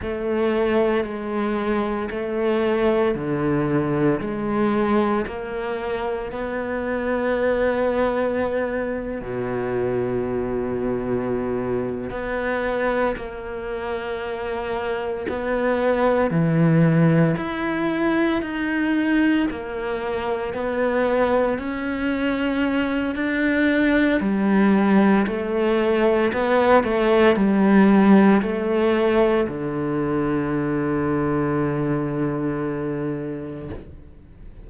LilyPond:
\new Staff \with { instrumentName = "cello" } { \time 4/4 \tempo 4 = 57 a4 gis4 a4 d4 | gis4 ais4 b2~ | b8. b,2~ b,8. b8~ | b8 ais2 b4 e8~ |
e8 e'4 dis'4 ais4 b8~ | b8 cis'4. d'4 g4 | a4 b8 a8 g4 a4 | d1 | }